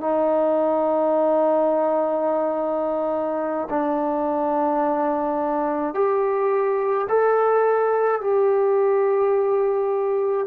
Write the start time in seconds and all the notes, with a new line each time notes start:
0.00 D#4
3.70 D4
5.94 G4
7.09 A4
8.21 G4